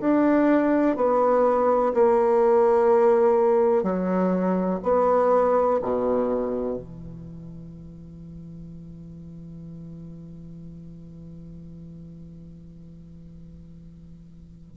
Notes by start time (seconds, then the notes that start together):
0.00 D4
0.96 B3
1.94 A#3
3.83 F#3
4.83 B3
5.82 B2
6.77 E3